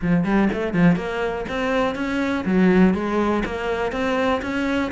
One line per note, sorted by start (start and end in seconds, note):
0.02 0.24 F3
0.24 0.49 G3
0.52 0.73 A3
0.73 0.96 F3
0.96 1.45 A#3
1.48 1.95 C4
1.95 2.44 C#4
2.45 2.94 F#3
2.94 3.43 G#3
3.45 3.92 A#3
3.92 4.41 C4
4.42 4.91 C#4